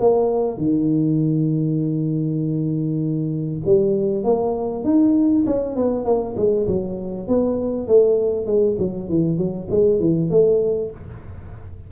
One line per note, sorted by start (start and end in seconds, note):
0.00 0.58 A#3
0.58 3.61 D#3
3.65 4.24 G3
4.24 4.84 A#3
4.84 5.45 D#4
5.46 5.76 C#4
5.76 6.05 B3
6.05 6.35 A#3
6.37 6.67 G#3
6.67 7.28 F#3
7.28 7.87 B3
7.87 8.46 A3
8.46 8.77 G#3
8.79 9.09 F#3
9.09 9.38 E3
9.38 9.68 F#3
9.70 10.00 G#3
10.00 10.30 E3
10.30 10.91 A3